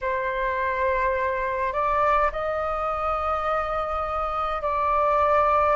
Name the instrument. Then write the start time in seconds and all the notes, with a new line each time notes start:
flute
0.01 C5
1.73 D5
2.31 D#5
4.62 D5